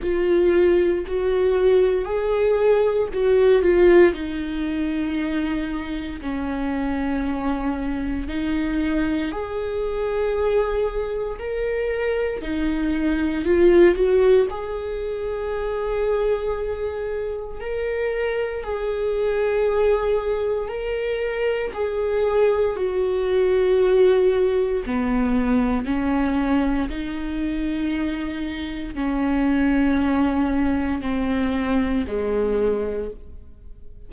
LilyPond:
\new Staff \with { instrumentName = "viola" } { \time 4/4 \tempo 4 = 58 f'4 fis'4 gis'4 fis'8 f'8 | dis'2 cis'2 | dis'4 gis'2 ais'4 | dis'4 f'8 fis'8 gis'2~ |
gis'4 ais'4 gis'2 | ais'4 gis'4 fis'2 | b4 cis'4 dis'2 | cis'2 c'4 gis4 | }